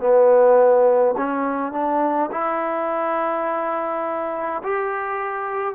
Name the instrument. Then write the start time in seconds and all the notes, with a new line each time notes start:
trombone
0.00 B3
1.17 C#4
1.73 D4
2.32 E4
4.64 G4